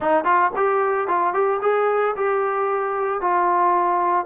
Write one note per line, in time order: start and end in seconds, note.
0.00 0.24 D#4
0.24 0.51 F4
0.56 1.07 G4
1.07 1.33 F4
1.33 1.60 G4
1.61 2.15 G#4
2.16 3.20 G4
3.20 4.25 F4